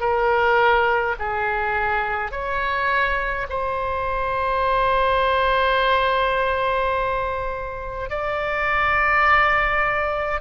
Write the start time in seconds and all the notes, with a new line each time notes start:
0.00 A#4
1.19 G#4
2.31 C#5
3.49 C5
8.10 D5